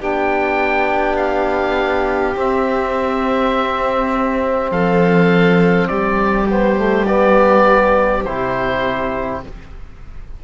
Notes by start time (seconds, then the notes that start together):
0.00 B3 D4 G4 G5
1.16 F5
2.34 C4 E5
4.71 F3 A4 F5
5.87 G3 G4 D5
6.49 B3 C5
6.76 A3
7.06 B3 D5
8.24 C3 E4 C5